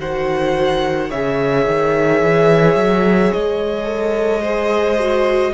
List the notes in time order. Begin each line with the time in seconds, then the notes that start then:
0.00 D#3 F#4 C5 F#5
1.10 C#3 G#4 C#5 E5
1.67 D#3
2.22 E3
2.76 F#3
3.32 G#3 D#5
3.85 A4
4.42 G#4 C5
4.99 F#4